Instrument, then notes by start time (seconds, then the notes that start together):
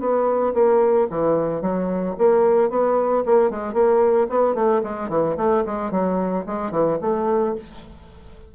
bassoon
0.00 B3
0.54 A#3
1.10 E3
1.61 F#3
2.18 A#3
2.70 B3
3.26 A#3
3.50 G#3
3.73 A#3
4.30 B3
4.55 A3
4.83 G#3
5.09 E3
5.37 A3
5.66 G#3
5.91 F#3
6.46 G#3
6.71 E3
7.02 A3